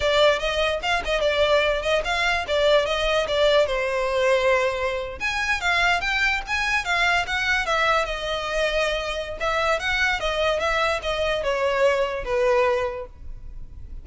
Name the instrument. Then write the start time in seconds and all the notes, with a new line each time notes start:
violin
0.00 D5
0.39 D#5
0.82 F5
1.05 D#5
1.20 D5
1.81 D#5
2.04 F5
2.47 D5
2.86 D#5
3.27 D5
3.66 C5
5.19 G#5
5.60 F5
6.00 G5
6.47 G#5
6.84 F5
7.26 F#5
7.65 E5
8.05 D#5
9.40 E5
9.79 F#5
10.20 D#5
10.59 E5
11.02 D#5
11.43 C#5
12.24 B4